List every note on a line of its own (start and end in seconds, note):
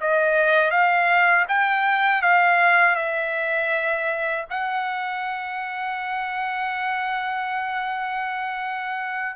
0.00 0.70 D#5
0.70 1.45 F5
1.48 2.21 G5
2.21 2.95 F5
2.95 4.45 E5
4.50 9.36 F#5